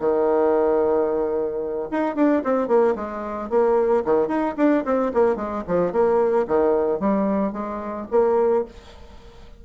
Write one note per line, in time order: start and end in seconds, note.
0.00 1.89 D#3
1.91 2.16 D#4
2.16 2.43 D4
2.44 2.68 C4
2.68 2.95 A#3
2.96 3.50 G#3
3.50 4.04 A#3
4.05 4.28 D#3
4.28 4.55 D#4
4.57 4.84 D4
4.85 5.12 C4
5.14 5.36 A#3
5.36 5.63 G#3
5.68 5.93 F3
5.93 6.47 A#3
6.48 7.00 D#3
7.00 7.53 G3
7.53 8.07 G#3
8.11 8.65 A#3